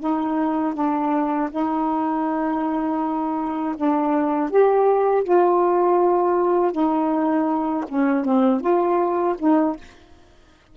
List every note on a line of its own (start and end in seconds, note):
0.00 0.75 D#4
0.75 1.50 D4
1.51 3.76 D#4
3.77 4.50 D4
4.50 5.24 G4
5.24 6.73 F4
6.73 7.85 D#4
7.89 8.25 C#4
8.25 8.61 C4
8.61 9.36 F4
9.39 9.76 D#4